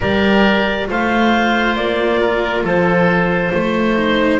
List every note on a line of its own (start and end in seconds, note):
0.00 0.89 G3
0.00 0.87 G4
0.00 0.87 A#4
0.00 0.89 D5
0.87 1.76 A3
0.87 3.95 F4
0.87 2.20 C5
0.87 1.76 F5
1.76 2.63 A#3
1.76 2.64 D5
2.20 2.64 A#4
2.63 3.51 F3
2.63 3.52 A4
2.63 4.39 C5
3.53 4.39 A3
3.53 4.39 C5
3.95 4.39 D#4